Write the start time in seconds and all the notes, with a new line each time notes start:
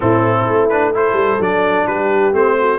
0.00 A2 C4 E4 A4
0.48 A3
0.69 D4 B4
0.93 E4 A4 C5
1.12 G3
1.39 F#3 D4 D5
1.87 G3 G4 B4
2.32 A3 C4 C5
2.59 F#4